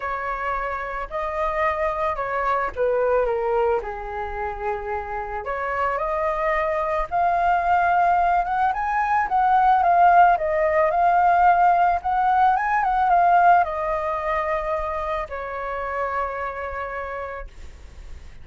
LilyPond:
\new Staff \with { instrumentName = "flute" } { \time 4/4 \tempo 4 = 110 cis''2 dis''2 | cis''4 b'4 ais'4 gis'4~ | gis'2 cis''4 dis''4~ | dis''4 f''2~ f''8 fis''8 |
gis''4 fis''4 f''4 dis''4 | f''2 fis''4 gis''8 fis''8 | f''4 dis''2. | cis''1 | }